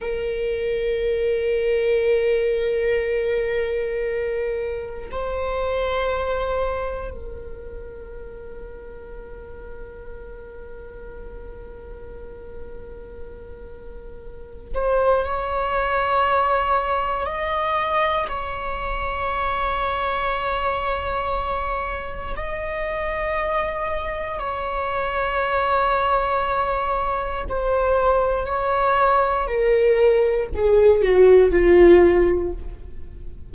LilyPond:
\new Staff \with { instrumentName = "viola" } { \time 4/4 \tempo 4 = 59 ais'1~ | ais'4 c''2 ais'4~ | ais'1~ | ais'2~ ais'8 c''8 cis''4~ |
cis''4 dis''4 cis''2~ | cis''2 dis''2 | cis''2. c''4 | cis''4 ais'4 gis'8 fis'8 f'4 | }